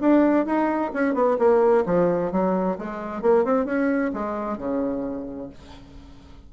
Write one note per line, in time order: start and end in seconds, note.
0.00 0.45 D4
0.45 0.91 D#4
0.93 1.14 C#4
1.14 1.37 B3
1.38 1.84 A#3
1.85 2.31 F3
2.32 2.77 F#3
2.78 3.21 G#3
3.21 3.44 A#3
3.44 3.65 C4
3.65 4.11 C#4
4.13 4.58 G#3
4.58 5.49 C#3